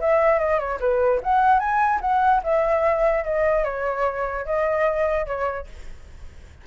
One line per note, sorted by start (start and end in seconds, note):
0.00 0.39 E5
0.39 0.59 D#5
0.59 0.79 C#5
0.80 1.21 B4
1.23 1.59 F#5
1.59 2.00 G#5
2.01 2.41 F#5
2.43 3.24 E5
3.24 3.64 D#5
3.64 4.45 C#5
4.45 5.26 D#5
5.26 5.66 C#5